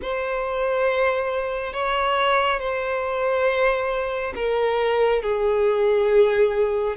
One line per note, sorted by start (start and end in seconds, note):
0.02 1.73 C5
1.73 2.59 C#5
2.59 4.33 C5
4.35 5.22 A#4
5.22 6.96 G#4